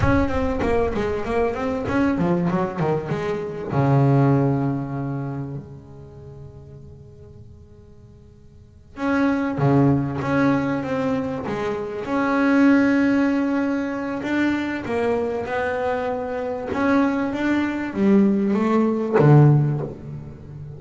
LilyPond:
\new Staff \with { instrumentName = "double bass" } { \time 4/4 \tempo 4 = 97 cis'8 c'8 ais8 gis8 ais8 c'8 cis'8 f8 | fis8 dis8 gis4 cis2~ | cis4 gis2.~ | gis2~ gis8 cis'4 cis8~ |
cis8 cis'4 c'4 gis4 cis'8~ | cis'2. d'4 | ais4 b2 cis'4 | d'4 g4 a4 d4 | }